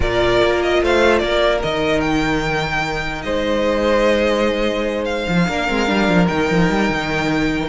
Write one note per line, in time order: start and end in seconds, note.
0.00 0.41 A#2
0.00 1.60 F4
0.00 0.80 A#4
0.00 0.62 D5
0.43 0.82 A#3
0.62 0.82 D#5
0.81 1.21 A3
0.81 1.22 C5
0.81 1.18 F5
1.18 1.62 A#3
1.18 3.24 A#4
1.18 1.59 D5
1.62 3.24 D#3
1.62 5.47 D#4
1.62 2.00 D#5
2.00 3.22 G5
3.22 5.27 G#3
3.22 5.47 C5
3.22 5.04 D#5
5.04 6.26 F5
5.28 5.48 F3
5.47 5.69 A#3
5.47 5.67 D4
5.47 7.68 A#4
5.68 5.89 G#3
5.68 5.86 C4
5.86 6.08 G3
5.86 6.27 D4
6.08 6.28 F3
6.27 6.50 D#3
6.27 7.68 D#4
6.27 7.68 G5
6.50 6.69 F3
6.69 6.89 G3
6.89 7.68 D#3